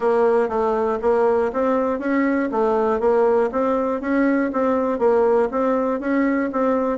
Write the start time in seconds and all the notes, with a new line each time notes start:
0.00 A#3
0.48 A3
1.01 A#3
1.52 C4
1.99 C#4
2.51 A3
3.00 A#3
3.52 C4
4.00 C#4
4.52 C4
4.98 A#3
5.51 C4
6.00 C#4
6.52 C4